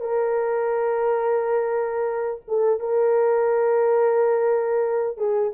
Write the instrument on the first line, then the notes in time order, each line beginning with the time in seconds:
horn
0.00 A#4
2.48 A4
2.80 A#4
5.18 G#4